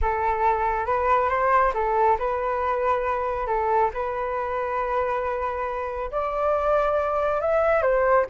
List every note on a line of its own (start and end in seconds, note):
0.01 0.86 A4
0.86 1.29 B4
1.29 1.72 C5
1.74 2.17 A4
2.18 3.46 B4
3.46 3.90 A4
3.93 6.10 B4
6.11 7.40 D5
7.40 7.82 E5
7.82 8.25 C5